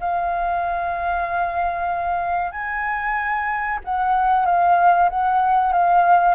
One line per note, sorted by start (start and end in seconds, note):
0.00 2.52 F5
2.52 3.79 G#5
3.84 4.46 F#5
4.46 5.09 F5
5.10 5.72 F#5
5.72 6.35 F5